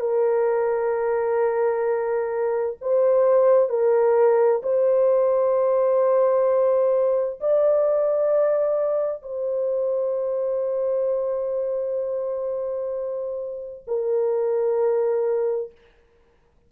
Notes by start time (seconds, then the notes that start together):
0.00 A#4
2.81 C5
3.69 A#4
4.63 C5
7.40 D5
9.22 C5
13.87 A#4